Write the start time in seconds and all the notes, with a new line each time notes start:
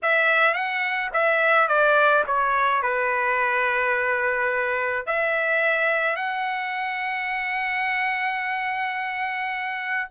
0.02 E5
0.54 F#5
1.13 E5
1.67 D5
2.27 C#5
2.82 B4
5.06 E5
6.16 F#5